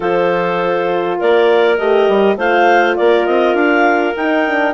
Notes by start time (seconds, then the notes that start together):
0.00 F3 F4 A4 C5
1.17 A#3 A#4 D5
1.77 A3 G4 D#5
2.08 G3
2.36 A3 F4 C5 F5
2.96 A#3 A#4 D5
3.26 C4 D#5
3.54 D4 F5
4.16 D#4 G5
4.47 D4